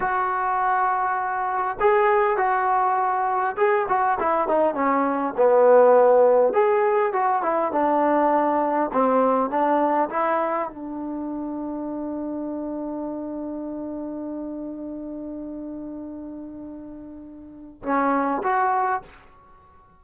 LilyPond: \new Staff \with { instrumentName = "trombone" } { \time 4/4 \tempo 4 = 101 fis'2. gis'4 | fis'2 gis'8 fis'8 e'8 dis'8 | cis'4 b2 gis'4 | fis'8 e'8 d'2 c'4 |
d'4 e'4 d'2~ | d'1~ | d'1~ | d'2 cis'4 fis'4 | }